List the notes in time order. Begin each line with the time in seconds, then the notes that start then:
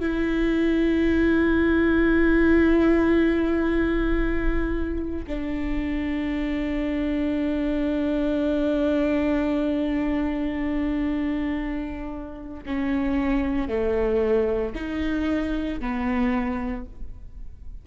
0.00 E4
5.27 D4
12.66 C#4
13.68 A3
14.75 D#4
15.81 B3